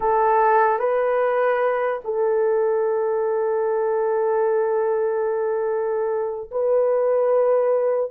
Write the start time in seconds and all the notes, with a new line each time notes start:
0.00 A4
0.79 B4
2.04 A4
6.51 B4